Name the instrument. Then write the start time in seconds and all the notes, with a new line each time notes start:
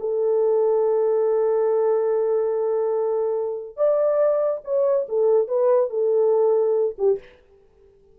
horn
0.00 A4
3.77 D5
4.64 C#5
5.09 A4
5.48 B4
5.90 A4
6.98 G4